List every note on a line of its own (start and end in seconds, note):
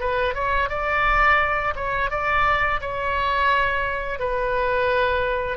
0.00 0.34 B4
0.34 0.69 C#5
0.69 1.74 D5
1.75 2.10 C#5
2.10 2.80 D5
2.81 4.19 C#5
4.19 5.57 B4